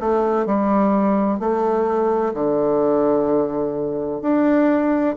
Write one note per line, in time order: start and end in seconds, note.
0.00 0.46 A3
0.46 1.40 G3
1.40 2.34 A3
2.34 4.21 D3
4.22 5.16 D4